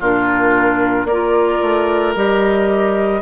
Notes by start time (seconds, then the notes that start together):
0.00 A#2 D4 F4 A#4
1.05 A#3 A#4 D5
1.12 F4
1.62 A3
2.15 G3 G4 D#5